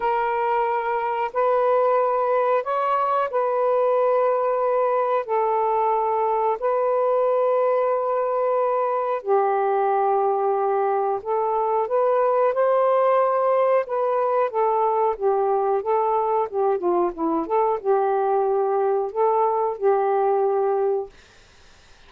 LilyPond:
\new Staff \with { instrumentName = "saxophone" } { \time 4/4 \tempo 4 = 91 ais'2 b'2 | cis''4 b'2. | a'2 b'2~ | b'2 g'2~ |
g'4 a'4 b'4 c''4~ | c''4 b'4 a'4 g'4 | a'4 g'8 f'8 e'8 a'8 g'4~ | g'4 a'4 g'2 | }